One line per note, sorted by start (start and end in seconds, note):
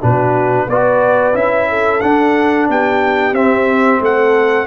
0.00 0.67 B2
0.00 0.68 D4
0.00 0.67 F#4
0.00 0.70 B4
0.67 1.34 B3
0.67 1.34 F#4
0.67 1.70 B4
0.67 1.36 D5
1.34 2.01 C#4
1.34 2.01 E4
1.34 2.01 E5
1.70 2.70 A4
2.01 3.35 D4
2.01 2.69 D4
2.01 2.67 F#5
2.69 3.33 B3
2.69 4.03 G4
2.69 3.35 G5
3.33 4.00 C4
3.33 4.67 C4
3.33 4.02 E5
4.01 4.67 A3
4.01 4.67 A4
4.01 4.67 F#5